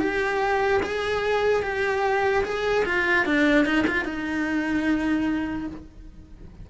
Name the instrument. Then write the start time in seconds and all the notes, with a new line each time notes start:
cello
0.00 G4
0.83 G#4
1.63 G4
2.44 G#4
2.86 F4
3.26 D4
3.66 D#4
3.88 F4
4.05 D#4